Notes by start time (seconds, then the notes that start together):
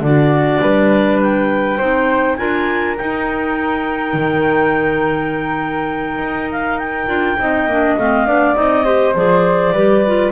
0.00 D3 D4 F#4 D5
0.61 G3 B4
1.22 G5
1.77 C4 D#4 C5
2.36 D4 F4 A#4 G#5
2.97 D#4 G5
4.13 D#3
6.18 D#4
6.51 F5
6.78 G5
7.07 D4 F4
7.39 C4 D#4 D#5
7.66 A#3 D4
7.98 A3 C4 F5
8.26 B3 D4 D5
8.54 C4 D#4 D#5
8.84 G4 C5
9.15 F3 G#4 D5
9.72 G3 G4 B4
10.06 F4